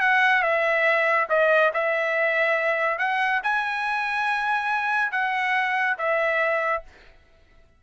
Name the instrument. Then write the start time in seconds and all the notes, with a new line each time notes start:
trumpet
0.00 F#5
0.42 E5
1.29 D#5
1.73 E5
2.98 F#5
3.43 G#5
5.12 F#5
5.98 E5